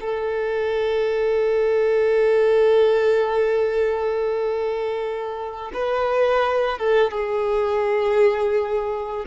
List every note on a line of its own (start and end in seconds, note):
0.00 5.71 A4
5.73 6.78 B4
6.78 7.11 A4
7.11 9.25 G#4